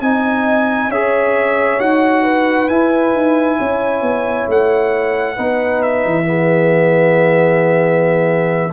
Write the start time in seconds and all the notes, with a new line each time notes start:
0.00 C4 D#4 D#5 G#5
0.88 C#4 G#4 C#5 E5
1.79 D#4 F#4 F#5
2.23 B4
2.68 E4 G#5
3.13 D#4
3.58 C#4 C#5
4.01 B3
4.47 A3 F#5
5.35 B3 D#4 B4
5.82 E5
6.05 E3
6.23 B3 G#4